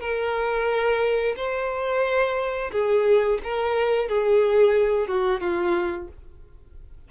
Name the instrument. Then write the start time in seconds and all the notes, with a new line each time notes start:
violin
0.00 A#4
1.36 C5
2.72 G#4
3.43 A#4
4.08 G#4
5.07 F#4
5.40 F4